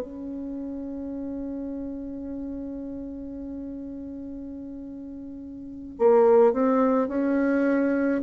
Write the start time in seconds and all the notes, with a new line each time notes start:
0.00 C#4
5.98 A#3
6.52 C4
7.08 C#4